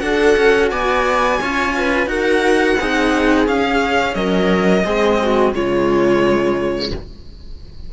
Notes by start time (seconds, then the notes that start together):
0.00 D4 F#4 A4 F#5
0.37 C#4
0.71 B3 D5 G#5
1.41 C#4 F4 C#5
1.77 B4
2.07 D#4 F#4 A#4 F#5
2.80 C4 D#4 G#4
3.47 C#4 F5
4.15 F#3 A#4 D#5
4.85 G#3 C4 G#4
5.23 F#4
5.54 C#3 G#3 F4 C#5